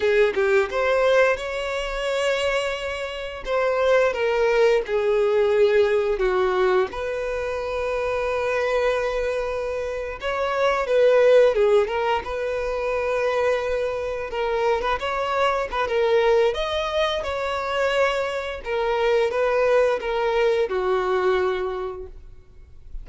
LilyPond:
\new Staff \with { instrumentName = "violin" } { \time 4/4 \tempo 4 = 87 gis'8 g'8 c''4 cis''2~ | cis''4 c''4 ais'4 gis'4~ | gis'4 fis'4 b'2~ | b'2~ b'8. cis''4 b'16~ |
b'8. gis'8 ais'8 b'2~ b'16~ | b'8. ais'8. b'16 cis''4 b'16 ais'4 | dis''4 cis''2 ais'4 | b'4 ais'4 fis'2 | }